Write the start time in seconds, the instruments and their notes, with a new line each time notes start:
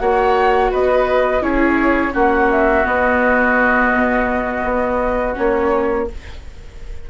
0.00 bassoon A#3, viola F#4, oboe C#5, flute F#5
0.72 bassoon B3, oboe B4, flute D#5
1.42 bassoon C#4, viola E4, oboe G#4, flute C#5
2.13 bassoon A#3, viola C#4, oboe F#4, flute F#5
2.51 flute E5
2.84 viola B3, bassoon B3, flute D#5
3.93 bassoon B2
4.64 bassoon B3
5.34 bassoon A#3, viola C#4, flute C#5